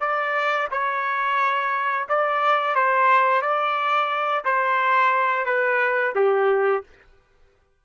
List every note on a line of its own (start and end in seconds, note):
0.00 0.68 D5
0.71 2.07 C#5
2.09 2.75 D5
2.75 3.42 C5
3.42 4.44 D5
4.45 5.45 C5
5.45 6.14 B4
6.15 6.84 G4